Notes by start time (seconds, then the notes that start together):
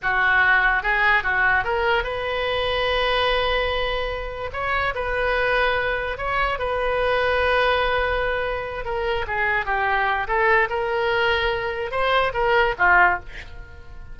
0.02 F#4
0.83 G#4
1.23 F#4
1.64 A#4
2.03 B4
4.52 C#5
4.94 B4
6.17 C#5
6.59 B4
8.84 A#4
9.27 G#4
9.65 G4
10.27 A4
10.69 A#4
11.91 C5
12.33 A#4
12.78 F4